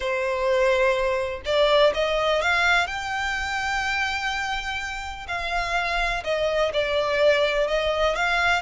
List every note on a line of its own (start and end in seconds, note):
0.00 1.42 C5
1.45 1.93 D5
1.93 2.41 D#5
2.41 2.86 F5
2.86 5.26 G5
5.27 6.23 F5
6.24 6.72 D#5
6.73 7.67 D5
7.67 8.15 D#5
8.15 8.62 F5